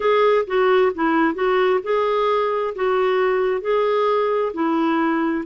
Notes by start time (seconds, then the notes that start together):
0.00 G#4
0.46 F#4
0.95 E4
1.34 F#4
1.83 G#4
2.75 F#4
3.61 G#4
4.53 E4